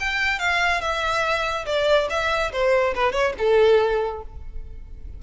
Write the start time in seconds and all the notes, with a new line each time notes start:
0.00 G5
0.39 F5
0.81 E5
1.66 D5
2.10 E5
2.52 C5
2.95 B4
3.12 C#5
3.38 A4